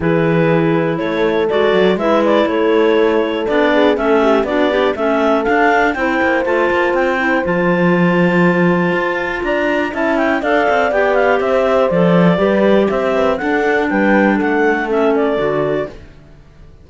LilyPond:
<<
  \new Staff \with { instrumentName = "clarinet" } { \time 4/4 \tempo 4 = 121 b'2 cis''4 d''4 | e''8 d''8 cis''2 d''4 | e''4 d''4 e''4 f''4 | g''4 a''4 g''4 a''4~ |
a''2. ais''4 | a''8 g''8 f''4 g''8 f''8 e''4 | d''2 e''4 fis''4 | g''4 fis''4 e''8 d''4. | }
  \new Staff \with { instrumentName = "horn" } { \time 4/4 gis'2 a'2 | b'4 a'2~ a'8 gis'8 | a'8 g'8 fis'8 d'8 a'2 | c''1~ |
c''2. d''4 | e''4 d''2 c''4~ | c''4 b'4 c''8 b'8 a'4 | b'4 a'2. | }
  \new Staff \with { instrumentName = "clarinet" } { \time 4/4 e'2. fis'4 | e'2. d'4 | cis'4 d'8 g'8 cis'4 d'4 | e'4 f'4. e'8 f'4~ |
f'1 | e'4 a'4 g'2 | a'4 g'2 d'4~ | d'2 cis'4 fis'4 | }
  \new Staff \with { instrumentName = "cello" } { \time 4/4 e2 a4 gis8 fis8 | gis4 a2 b4 | a4 b4 a4 d'4 | c'8 ais8 a8 ais8 c'4 f4~ |
f2 f'4 d'4 | cis'4 d'8 c'8 b4 c'4 | f4 g4 c'4 d'4 | g4 a2 d4 | }
>>